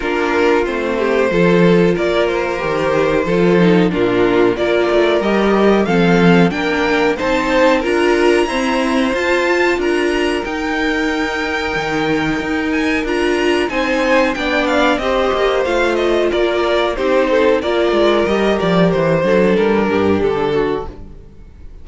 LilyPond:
<<
  \new Staff \with { instrumentName = "violin" } { \time 4/4 \tempo 4 = 92 ais'4 c''2 d''8 c''8~ | c''2 ais'4 d''4 | dis''4 f''4 g''4 a''4 | ais''2 a''4 ais''4 |
g''2.~ g''8 gis''8 | ais''4 gis''4 g''8 f''8 dis''4 | f''8 dis''8 d''4 c''4 d''4 | dis''8 d''8 c''4 ais'4 a'4 | }
  \new Staff \with { instrumentName = "violin" } { \time 4/4 f'4. g'8 a'4 ais'4~ | ais'4 a'4 f'4 ais'4~ | ais'4 a'4 ais'4 c''4 | ais'4 c''2 ais'4~ |
ais'1~ | ais'4 c''4 d''4 c''4~ | c''4 ais'4 g'8 a'8 ais'4~ | ais'4. a'4 g'4 fis'8 | }
  \new Staff \with { instrumentName = "viola" } { \time 4/4 d'4 c'4 f'2 | g'4 f'8 dis'8 d'4 f'4 | g'4 c'4 d'4 dis'4 | f'4 c'4 f'2 |
dis'1 | f'4 dis'4 d'4 g'4 | f'2 dis'4 f'4 | g'4. d'2~ d'8 | }
  \new Staff \with { instrumentName = "cello" } { \time 4/4 ais4 a4 f4 ais4 | dis4 f4 ais,4 ais8 a8 | g4 f4 ais4 c'4 | d'4 e'4 f'4 d'4 |
dis'2 dis4 dis'4 | d'4 c'4 b4 c'8 ais8 | a4 ais4 c'4 ais8 gis8 | g8 f8 e8 fis8 g8 g,8 d4 | }
>>